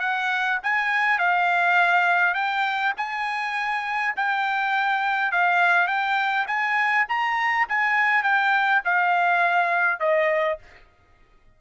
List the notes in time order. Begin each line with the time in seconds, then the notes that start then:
0.00 F#5
0.63 G#5
1.19 F5
2.34 G5
2.97 G#5
4.17 G5
5.32 F5
5.88 G5
6.47 G#5
7.09 A#5
7.69 G#5
8.23 G5
8.85 F5
10.00 D#5